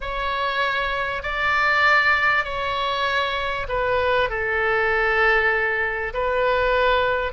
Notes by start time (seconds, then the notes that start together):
0.00 C#5
1.22 D5
2.44 C#5
3.68 B4
4.29 A4
6.13 B4